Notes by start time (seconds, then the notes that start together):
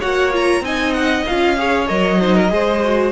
0.00 A#3 F#4 C#5 F#5
0.33 F4 A#5
0.61 C4 D#4 D#5 G#5
0.94 F#5
1.27 C#4 F4 F5
1.58 G#4 C#5
1.88 F#3 A#4 D#5
2.21 D#4 C5
2.36 A#4
2.49 G#3 G#4 C5
2.84 F#4